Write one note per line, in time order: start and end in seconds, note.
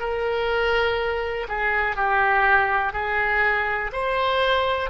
0.00 1.48 A#4
1.49 1.96 G#4
1.96 2.93 G4
2.93 3.92 G#4
3.93 4.90 C5